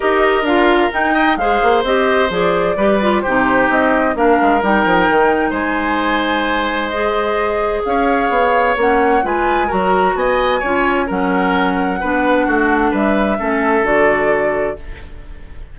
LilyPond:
<<
  \new Staff \with { instrumentName = "flute" } { \time 4/4 \tempo 4 = 130 dis''4 f''4 g''4 f''4 | dis''4 d''2 c''4 | dis''4 f''4 g''2 | gis''2. dis''4~ |
dis''4 f''2 fis''4 | gis''4 ais''4 gis''2 | fis''1 | e''2 d''2 | }
  \new Staff \with { instrumentName = "oboe" } { \time 4/4 ais'2~ ais'8 dis''8 c''4~ | c''2 b'4 g'4~ | g'4 ais'2. | c''1~ |
c''4 cis''2. | b'4 ais'4 dis''4 cis''4 | ais'2 b'4 fis'4 | b'4 a'2. | }
  \new Staff \with { instrumentName = "clarinet" } { \time 4/4 g'4 f'4 dis'4 gis'4 | g'4 gis'4 g'8 f'8 dis'4~ | dis'4 d'4 dis'2~ | dis'2. gis'4~ |
gis'2. cis'4 | f'4 fis'2 f'4 | cis'2 d'2~ | d'4 cis'4 fis'2 | }
  \new Staff \with { instrumentName = "bassoon" } { \time 4/4 dis'4 d'4 dis'4 gis8 ais8 | c'4 f4 g4 c4 | c'4 ais8 gis8 g8 f8 dis4 | gis1~ |
gis4 cis'4 b4 ais4 | gis4 fis4 b4 cis'4 | fis2 b4 a4 | g4 a4 d2 | }
>>